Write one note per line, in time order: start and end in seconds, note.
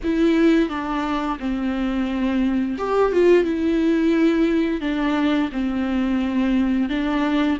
0.03 0.69 E4
0.69 1.38 D4
1.39 2.76 C4
2.77 3.12 G4
3.12 3.44 F4
3.44 4.81 E4
4.81 5.50 D4
5.52 6.89 C4
6.89 7.58 D4